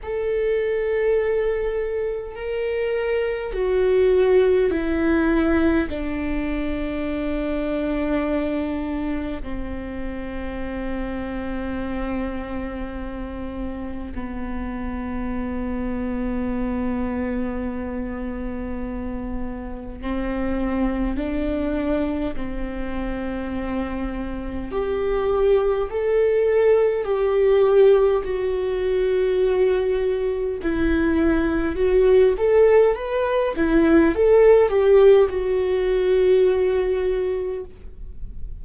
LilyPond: \new Staff \with { instrumentName = "viola" } { \time 4/4 \tempo 4 = 51 a'2 ais'4 fis'4 | e'4 d'2. | c'1 | b1~ |
b4 c'4 d'4 c'4~ | c'4 g'4 a'4 g'4 | fis'2 e'4 fis'8 a'8 | b'8 e'8 a'8 g'8 fis'2 | }